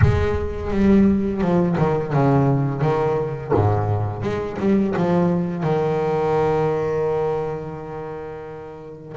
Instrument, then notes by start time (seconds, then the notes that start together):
double bass
0.01 G#3
0.71 G3
1.41 F3
1.77 D#3
2.12 C#3
2.81 D#3
3.53 G#2
4.22 G#3
4.59 G3
4.96 F3
5.63 D#3